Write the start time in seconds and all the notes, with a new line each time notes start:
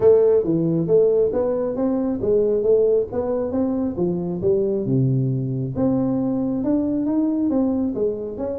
0.00 A3
0.44 E3
0.87 A3
1.32 B3
1.75 C4
2.21 G#3
2.62 A3
3.11 B3
3.51 C4
3.97 F3
4.41 G3
4.85 C3
5.76 C4
6.64 D4
7.06 D#4
7.50 C4
7.94 G#3
8.37 C#4